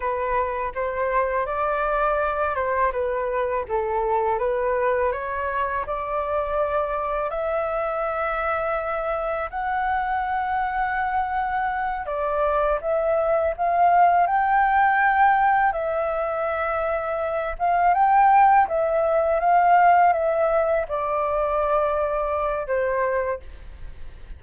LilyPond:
\new Staff \with { instrumentName = "flute" } { \time 4/4 \tempo 4 = 82 b'4 c''4 d''4. c''8 | b'4 a'4 b'4 cis''4 | d''2 e''2~ | e''4 fis''2.~ |
fis''8 d''4 e''4 f''4 g''8~ | g''4. e''2~ e''8 | f''8 g''4 e''4 f''4 e''8~ | e''8 d''2~ d''8 c''4 | }